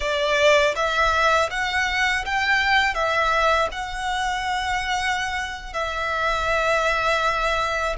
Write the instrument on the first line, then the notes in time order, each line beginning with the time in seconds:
violin
0.00 D5
0.75 E5
1.50 F#5
2.25 G5
2.94 E5
3.71 F#5
5.73 E5